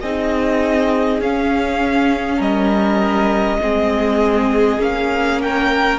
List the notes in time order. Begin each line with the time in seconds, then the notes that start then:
0.00 C4 D#4 G#4 D#5
1.20 C#4 F5
2.37 G3 A#4 D#5
3.60 G#3 C4 G#4
4.78 A#3 C#4 F5
5.42 A#4 G5